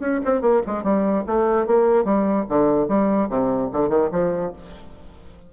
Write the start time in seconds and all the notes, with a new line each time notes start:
0.00 C#4
0.25 C4
0.41 A#3
0.67 G#3
0.83 G3
1.27 A3
1.67 A#3
2.05 G3
2.49 D3
2.88 G3
3.29 C3
3.73 D3
3.89 D#3
4.12 F3